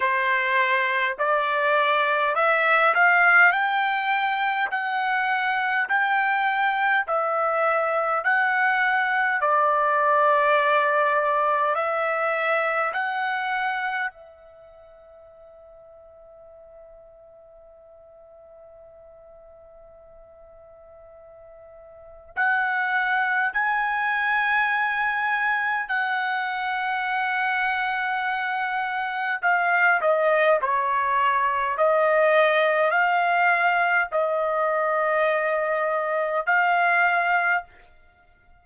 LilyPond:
\new Staff \with { instrumentName = "trumpet" } { \time 4/4 \tempo 4 = 51 c''4 d''4 e''8 f''8 g''4 | fis''4 g''4 e''4 fis''4 | d''2 e''4 fis''4 | e''1~ |
e''2. fis''4 | gis''2 fis''2~ | fis''4 f''8 dis''8 cis''4 dis''4 | f''4 dis''2 f''4 | }